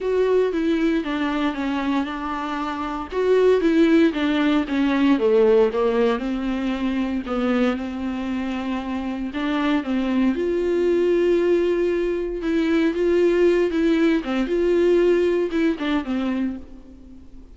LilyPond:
\new Staff \with { instrumentName = "viola" } { \time 4/4 \tempo 4 = 116 fis'4 e'4 d'4 cis'4 | d'2 fis'4 e'4 | d'4 cis'4 a4 ais4 | c'2 b4 c'4~ |
c'2 d'4 c'4 | f'1 | e'4 f'4. e'4 c'8 | f'2 e'8 d'8 c'4 | }